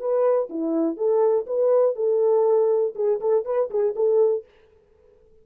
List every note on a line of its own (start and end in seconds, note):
0.00 0.49 B4
0.50 0.97 E4
0.97 1.46 A4
1.47 1.96 B4
1.96 2.94 A4
2.96 3.20 G#4
3.21 3.45 A4
3.45 3.70 B4
3.71 3.95 G#4
3.96 4.45 A4